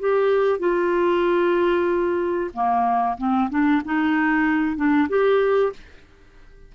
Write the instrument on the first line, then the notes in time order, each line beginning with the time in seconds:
clarinet
0.00 G4
0.60 F4
2.54 A#3
3.18 C4
3.50 D4
3.85 D#4
4.77 D4
5.09 G4